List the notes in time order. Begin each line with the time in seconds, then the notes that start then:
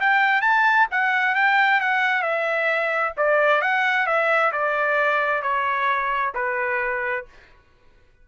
0.00 G5
0.41 A5
0.91 F#5
1.35 G5
1.80 F#5
2.22 E5
3.17 D5
3.61 F#5
4.06 E5
4.52 D5
5.42 C#5
6.34 B4